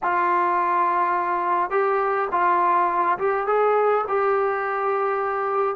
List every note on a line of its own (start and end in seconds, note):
0.02 1.70 F4
1.70 2.28 G4
2.31 3.18 F4
3.18 3.46 G4
3.46 4.04 G#4
4.08 5.76 G4